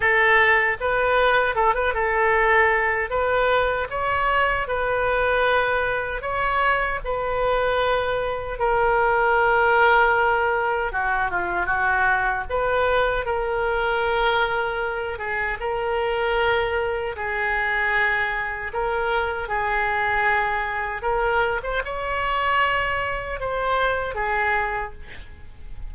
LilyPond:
\new Staff \with { instrumentName = "oboe" } { \time 4/4 \tempo 4 = 77 a'4 b'4 a'16 b'16 a'4. | b'4 cis''4 b'2 | cis''4 b'2 ais'4~ | ais'2 fis'8 f'8 fis'4 |
b'4 ais'2~ ais'8 gis'8 | ais'2 gis'2 | ais'4 gis'2 ais'8. c''16 | cis''2 c''4 gis'4 | }